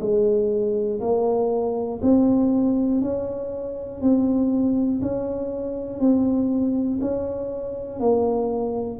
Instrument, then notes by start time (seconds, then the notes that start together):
tuba
0.00 G#3
1.00 A#3
2.01 C4
3.00 C#4
4.01 C4
5.01 C#4
5.99 C4
7.01 C#4
8.00 A#3